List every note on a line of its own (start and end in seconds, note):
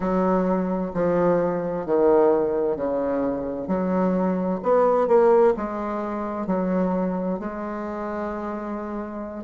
0.00 0.92 F#3
0.94 1.86 F3
1.86 2.76 D#3
2.76 3.67 C#3
3.67 4.59 F#3
4.62 5.07 B3
5.07 5.53 A#3
5.56 6.46 G#3
6.46 7.38 F#3
7.38 9.43 G#3